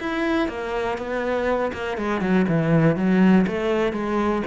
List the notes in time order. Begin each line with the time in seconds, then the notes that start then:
0.00 E4
0.48 A#3
0.98 B3
1.73 A#3
1.97 G#3
2.21 F#3
2.48 E3
2.96 F#3
3.47 A3
3.93 G#3